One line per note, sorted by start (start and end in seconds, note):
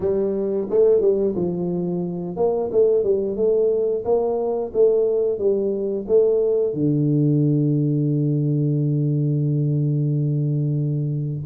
0.00 0.67 G3
0.70 1.01 A3
1.01 1.35 G3
1.35 2.36 F3
2.36 2.70 A#3
2.72 3.03 A3
3.03 3.36 G3
3.36 4.04 A3
4.04 4.72 A#3
4.73 5.38 A3
5.38 6.05 G3
6.07 6.73 A3
6.73 11.45 D3